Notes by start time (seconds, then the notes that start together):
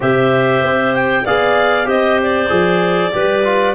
0.00 C3 G4 C5 E5
0.62 C4
0.94 G5
1.24 B3 G#4 D5 F5
1.84 C4 G4 C5 D#5
2.22 D5
2.49 F3 G#4
3.11 G3 G4 B4
3.44 F4